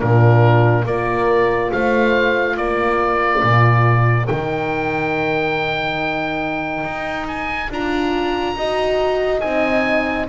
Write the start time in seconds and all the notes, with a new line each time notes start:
0.00 A#2 D4 F4 A#4
0.85 A#3 F4 A#4 D5
1.72 A3 C5 F5
2.57 A#3 A#4 D5
3.43 A#2
4.27 D#3 D#4 G5
6.84 D#4
7.28 G#5
7.70 D4 F4 A#5
8.56 D#4 F#4 D#5
9.41 C4 D#4 G#5